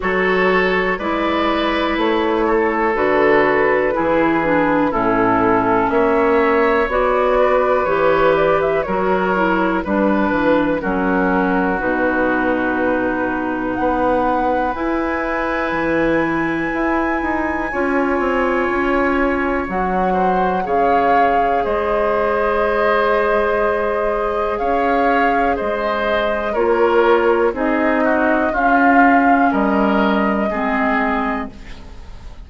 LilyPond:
<<
  \new Staff \with { instrumentName = "flute" } { \time 4/4 \tempo 4 = 61 cis''4 d''4 cis''4 b'4~ | b'4 a'4 e''4 d''4 | cis''8 d''16 e''16 cis''4 b'4 ais'4 | b'2 fis''4 gis''4~ |
gis''1 | fis''4 f''4 dis''2~ | dis''4 f''4 dis''4 cis''4 | dis''4 f''4 dis''2 | }
  \new Staff \with { instrumentName = "oboe" } { \time 4/4 a'4 b'4. a'4. | gis'4 e'4 cis''4. b'8~ | b'4 ais'4 b'4 fis'4~ | fis'2 b'2~ |
b'2 cis''2~ | cis''8 c''8 cis''4 c''2~ | c''4 cis''4 c''4 ais'4 | gis'8 fis'8 f'4 ais'4 gis'4 | }
  \new Staff \with { instrumentName = "clarinet" } { \time 4/4 fis'4 e'2 fis'4 | e'8 d'8 cis'2 fis'4 | g'4 fis'8 e'8 d'4 cis'4 | dis'2. e'4~ |
e'2 f'2 | fis'4 gis'2.~ | gis'2. f'4 | dis'4 cis'2 c'4 | }
  \new Staff \with { instrumentName = "bassoon" } { \time 4/4 fis4 gis4 a4 d4 | e4 a,4 ais4 b4 | e4 fis4 g8 e8 fis4 | b,2 b4 e'4 |
e4 e'8 dis'8 cis'8 c'8 cis'4 | fis4 cis4 gis2~ | gis4 cis'4 gis4 ais4 | c'4 cis'4 g4 gis4 | }
>>